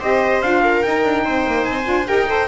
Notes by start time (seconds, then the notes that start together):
0.00 C4 G4 C5 D#5
0.42 D4 F4 F5
0.64 A#4
0.83 D#4 G5
1.05 D4
1.25 C4 C5
1.47 A#3
1.65 C4 G#5
1.84 D4 F4
2.07 D#4 G4 A#4 G5
2.27 A4 C5